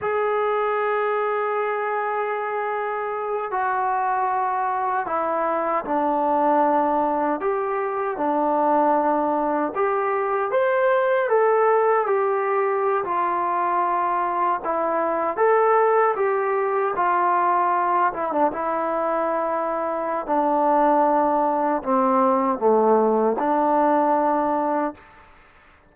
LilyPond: \new Staff \with { instrumentName = "trombone" } { \time 4/4 \tempo 4 = 77 gis'1~ | gis'8 fis'2 e'4 d'8~ | d'4. g'4 d'4.~ | d'8 g'4 c''4 a'4 g'8~ |
g'8. f'2 e'4 a'16~ | a'8. g'4 f'4. e'16 d'16 e'16~ | e'2 d'2 | c'4 a4 d'2 | }